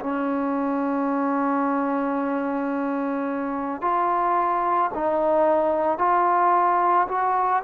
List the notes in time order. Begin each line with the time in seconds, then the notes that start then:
0.00 C#4
3.81 F4
4.94 D#4
5.98 F4
7.08 F#4